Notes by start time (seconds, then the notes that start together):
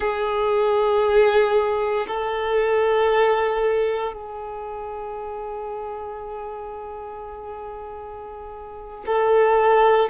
0.00 G#4
2.07 A4
4.13 G#4
9.06 A4